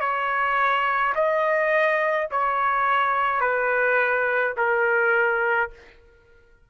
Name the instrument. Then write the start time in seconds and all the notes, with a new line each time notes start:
trumpet
0.00 C#5
1.15 D#5
2.31 C#5
3.41 B4
4.57 A#4